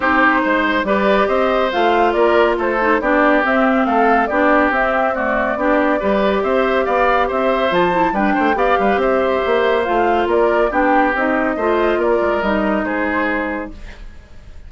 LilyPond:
<<
  \new Staff \with { instrumentName = "flute" } { \time 4/4 \tempo 4 = 140 c''2 d''4 dis''4 | f''4 d''4 c''4 d''4 | e''4 f''4 d''4 e''4 | d''2. e''4 |
f''4 e''4 a''4 g''4 | f''4 e''2 f''4 | d''4 g''4 dis''2 | d''4 dis''4 c''2 | }
  \new Staff \with { instrumentName = "oboe" } { \time 4/4 g'4 c''4 b'4 c''4~ | c''4 ais'4 a'4 g'4~ | g'4 a'4 g'2 | fis'4 g'4 b'4 c''4 |
d''4 c''2 b'8 c''8 | d''8 b'8 c''2. | ais'4 g'2 c''4 | ais'2 gis'2 | }
  \new Staff \with { instrumentName = "clarinet" } { \time 4/4 dis'2 g'2 | f'2~ f'8 dis'8 d'4 | c'2 d'4 c'4 | a4 d'4 g'2~ |
g'2 f'8 e'8 d'4 | g'2. f'4~ | f'4 d'4 dis'4 f'4~ | f'4 dis'2. | }
  \new Staff \with { instrumentName = "bassoon" } { \time 4/4 c'4 gis4 g4 c'4 | a4 ais4 a4 b4 | c'4 a4 b4 c'4~ | c'4 b4 g4 c'4 |
b4 c'4 f4 g8 a8 | b8 g8 c'4 ais4 a4 | ais4 b4 c'4 a4 | ais8 gis8 g4 gis2 | }
>>